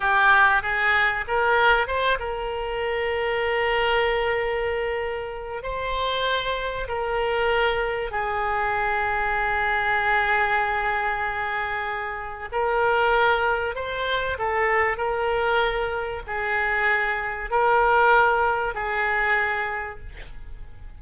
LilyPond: \new Staff \with { instrumentName = "oboe" } { \time 4/4 \tempo 4 = 96 g'4 gis'4 ais'4 c''8 ais'8~ | ais'1~ | ais'4 c''2 ais'4~ | ais'4 gis'2.~ |
gis'1 | ais'2 c''4 a'4 | ais'2 gis'2 | ais'2 gis'2 | }